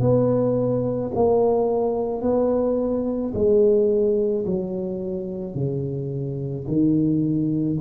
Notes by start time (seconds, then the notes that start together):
0.00 B3
1.15 A#3
2.21 B3
3.34 G#3
4.45 F#3
5.55 C#3
6.67 D#3